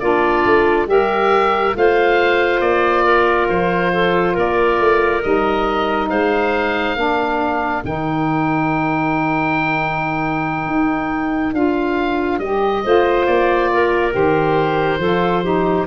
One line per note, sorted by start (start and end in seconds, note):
0.00 0.45 A#3
0.00 0.87 D4
0.00 0.88 F4
0.00 0.87 D5
0.45 0.87 A3
0.87 1.74 G3
0.87 1.73 G4
0.87 1.76 A#4
0.87 1.77 E5
1.73 2.61 A3
1.73 5.21 F4
1.73 3.05 C5
1.73 2.61 F5
2.61 3.47 A#3
2.61 3.48 D5
3.05 3.92 A#4
3.49 4.37 F3
3.49 4.36 C5
3.93 4.33 A4
4.33 4.80 A#3
4.33 6.07 A#4
4.33 5.23 D5
4.80 5.23 A3
5.22 6.11 G3
5.22 6.96 D#4
5.22 6.10 D#5
6.10 6.96 G#3
6.10 6.97 C5
6.10 7.84 F5
6.96 7.83 A#3
6.96 7.83 D4
6.96 12.84 A#4
7.84 10.66 D#3
7.84 11.54 D#4
7.84 11.55 G5
10.66 11.53 D#4
11.53 12.39 D4
11.53 12.41 F4
11.53 12.39 F5
12.39 12.82 G3
12.39 12.84 G4
12.39 13.26 D#5
12.84 13.27 A3
12.84 14.11 F4
12.84 13.71 C5
13.26 14.14 A#3
13.26 14.13 D5
13.74 15.01 A#4
14.11 14.99 D#3
14.11 14.98 G4
14.11 15.87 C5
14.99 15.86 F3
14.99 15.43 F4
14.99 15.43 A4
15.43 15.87 D#4
15.43 15.87 G4